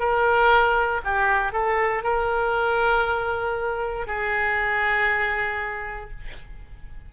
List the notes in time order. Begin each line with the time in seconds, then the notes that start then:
0.00 A#4
1.04 G4
1.53 A4
2.04 A#4
4.07 G#4